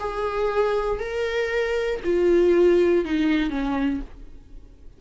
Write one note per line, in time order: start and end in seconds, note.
0.00 1.00 G#4
1.00 2.01 A#4
2.04 3.05 F4
3.05 3.50 D#4
3.50 4.01 C#4